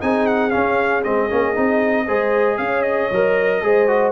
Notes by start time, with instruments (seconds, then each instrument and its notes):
0.00 tuba C4, trombone D#4, horn G#4, trumpet G#5
0.26 trumpet F#5
0.50 trombone C#4, tuba C#4, trumpet F5
1.03 tuba G#3, trombone C4, trumpet D#5
1.30 tuba A#3, trombone C#4
1.54 tuba C4, trombone D#4
2.06 tuba G#3, trombone G#4, horn C5
2.57 tuba C#4, horn C#5, trumpet F5
2.82 trumpet D#5
3.11 tuba F#3, trombone A#4
3.62 tuba G#3, trombone G#4, horn C5
3.87 trombone F#4